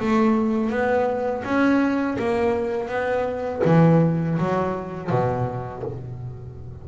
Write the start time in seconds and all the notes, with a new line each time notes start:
0.00 A3
0.70 B3
1.44 C#4
2.19 A#3
2.89 B3
3.65 E3
4.39 F#3
5.10 B2